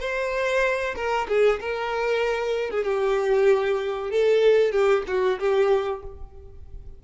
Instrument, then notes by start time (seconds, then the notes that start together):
violin
0.00 C5
0.95 A#4
1.28 G#4
1.60 A#4
2.70 G#4
2.84 G4
4.10 A4
4.71 G4
5.07 F#4
5.39 G4